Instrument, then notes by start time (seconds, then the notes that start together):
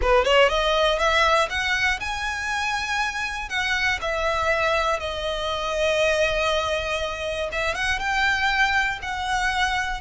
violin
0.01 B4
0.24 C#5
0.48 D#5
0.98 E5
1.49 F#5
2.00 G#5
3.49 F#5
4.01 E5
4.99 D#5
7.51 E5
7.75 F#5
7.99 G5
9.02 F#5